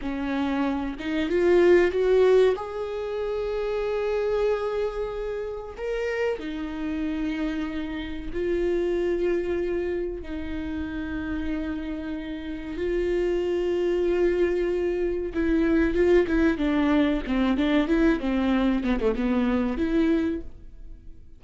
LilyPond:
\new Staff \with { instrumentName = "viola" } { \time 4/4 \tempo 4 = 94 cis'4. dis'8 f'4 fis'4 | gis'1~ | gis'4 ais'4 dis'2~ | dis'4 f'2. |
dis'1 | f'1 | e'4 f'8 e'8 d'4 c'8 d'8 | e'8 c'4 b16 a16 b4 e'4 | }